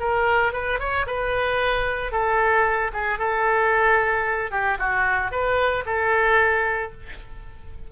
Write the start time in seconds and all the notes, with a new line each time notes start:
0.00 A#4
0.53 B4
0.79 C#5
1.07 B4
2.12 A4
2.93 G#4
3.19 A4
4.51 G4
4.79 F#4
5.31 B4
5.86 A4